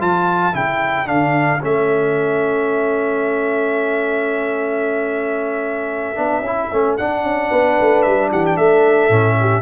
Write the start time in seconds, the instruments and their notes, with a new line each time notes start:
0.00 tuba F3, trombone F4, horn A4, trumpet A5
0.53 tuba C#3, trombone E4, trumpet G5
1.06 tuba D3, trombone D4, trumpet F5
1.62 tuba A3, trombone C#4, trumpet E5
6.16 tuba B3, trombone D4
6.40 tuba C#4, trombone E4
6.72 tuba A3, trombone C#4
6.97 trombone D4, tuba D4, trumpet F#5
7.23 tuba C#4
7.50 tuba B3, horn B4
7.81 tuba A3
8.02 tuba G3, trumpet E5
8.31 tuba E3, horn G4, trumpet F#5
8.46 trumpet G5
8.57 tuba A3, horn A4, trumpet E5
9.09 tuba A2, trombone C#4
9.41 horn G4